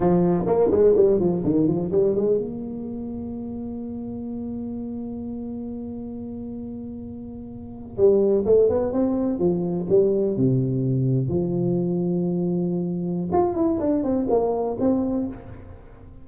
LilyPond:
\new Staff \with { instrumentName = "tuba" } { \time 4/4 \tempo 4 = 126 f4 ais8 gis8 g8 f8 dis8 f8 | g8 gis8 ais2.~ | ais1~ | ais1~ |
ais8. g4 a8 b8 c'4 f16~ | f8. g4 c2 f16~ | f1 | f'8 e'8 d'8 c'8 ais4 c'4 | }